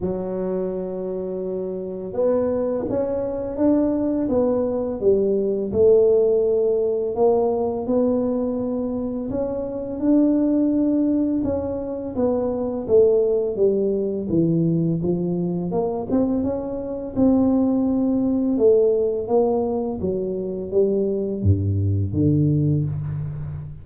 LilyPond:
\new Staff \with { instrumentName = "tuba" } { \time 4/4 \tempo 4 = 84 fis2. b4 | cis'4 d'4 b4 g4 | a2 ais4 b4~ | b4 cis'4 d'2 |
cis'4 b4 a4 g4 | e4 f4 ais8 c'8 cis'4 | c'2 a4 ais4 | fis4 g4 g,4 d4 | }